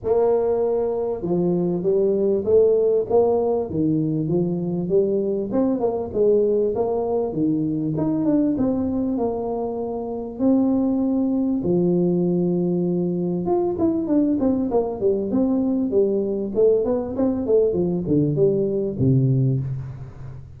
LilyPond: \new Staff \with { instrumentName = "tuba" } { \time 4/4 \tempo 4 = 98 ais2 f4 g4 | a4 ais4 dis4 f4 | g4 c'8 ais8 gis4 ais4 | dis4 dis'8 d'8 c'4 ais4~ |
ais4 c'2 f4~ | f2 f'8 e'8 d'8 c'8 | ais8 g8 c'4 g4 a8 b8 | c'8 a8 f8 d8 g4 c4 | }